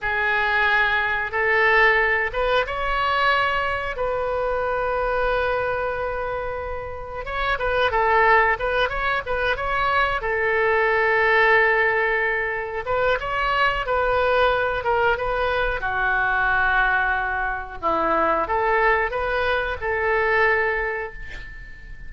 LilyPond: \new Staff \with { instrumentName = "oboe" } { \time 4/4 \tempo 4 = 91 gis'2 a'4. b'8 | cis''2 b'2~ | b'2. cis''8 b'8 | a'4 b'8 cis''8 b'8 cis''4 a'8~ |
a'2.~ a'8 b'8 | cis''4 b'4. ais'8 b'4 | fis'2. e'4 | a'4 b'4 a'2 | }